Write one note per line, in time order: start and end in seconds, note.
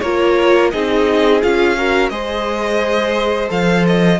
0.00 0.73 A#3
0.00 0.72 F4
0.00 0.72 A#4
0.00 0.70 C#5
0.71 1.43 C4
0.71 1.42 D#4
0.71 1.77 G#4
0.71 1.41 D#5
1.42 2.10 C#4
1.42 1.76 F4
1.42 2.09 F5
1.77 2.11 F#4
1.77 2.11 A#4
2.09 3.50 G#3
2.09 3.48 G#4
2.09 4.19 C5
2.09 3.49 D#5
3.48 4.19 F3
3.48 4.18 A4
3.48 3.86 F5
3.86 4.19 D#5